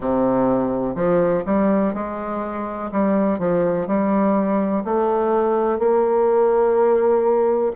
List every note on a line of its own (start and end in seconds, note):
0.00 0.95 C3
0.95 1.43 F3
1.45 1.94 G3
1.94 2.90 G#3
2.91 3.39 G3
3.39 3.87 F3
3.87 4.83 G3
4.84 5.78 A3
5.78 7.72 A#3